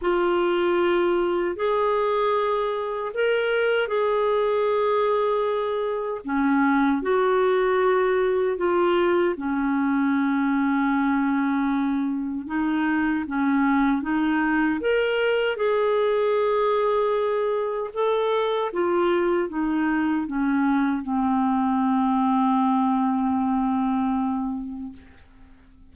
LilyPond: \new Staff \with { instrumentName = "clarinet" } { \time 4/4 \tempo 4 = 77 f'2 gis'2 | ais'4 gis'2. | cis'4 fis'2 f'4 | cis'1 |
dis'4 cis'4 dis'4 ais'4 | gis'2. a'4 | f'4 dis'4 cis'4 c'4~ | c'1 | }